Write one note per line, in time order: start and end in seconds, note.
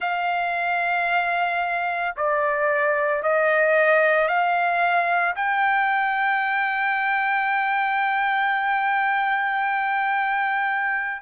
0.00 2.15 F5
2.16 3.22 D5
3.22 4.28 D#5
4.28 5.35 F5
5.35 11.22 G5